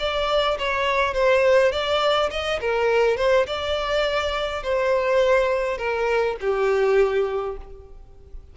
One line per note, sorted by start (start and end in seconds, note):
0.00 0.58 D5
0.59 1.14 C#5
1.14 1.72 C5
1.72 2.30 D5
2.31 2.60 D#5
2.61 3.17 A#4
3.17 3.47 C5
3.47 4.63 D5
4.63 5.78 C5
5.78 6.37 A#4
6.41 7.58 G4